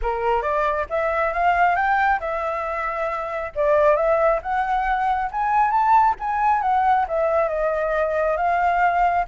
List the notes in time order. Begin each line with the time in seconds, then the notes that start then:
0.02 A#4
0.42 D5
0.89 E5
1.33 F5
1.75 G5
2.19 E5
3.55 D5
3.96 E5
4.42 F#5
5.31 G#5
5.70 A5
6.19 G#5
6.61 F#5
7.08 E5
7.48 D#5
8.36 F5